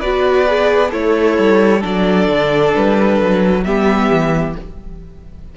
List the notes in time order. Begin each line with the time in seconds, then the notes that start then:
0.00 B3 F#4 B4 D5
0.47 G#4
0.91 A3 E4 A4 C#5
1.38 G3
1.80 F#3 D4 A4 D5
2.28 D3
2.75 G3 B4
3.21 F#3
3.64 G3 B3 G4 E5
4.10 E3